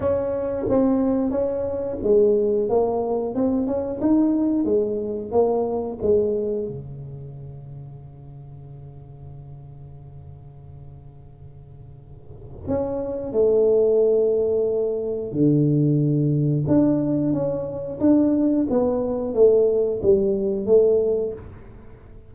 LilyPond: \new Staff \with { instrumentName = "tuba" } { \time 4/4 \tempo 4 = 90 cis'4 c'4 cis'4 gis4 | ais4 c'8 cis'8 dis'4 gis4 | ais4 gis4 cis2~ | cis1~ |
cis2. cis'4 | a2. d4~ | d4 d'4 cis'4 d'4 | b4 a4 g4 a4 | }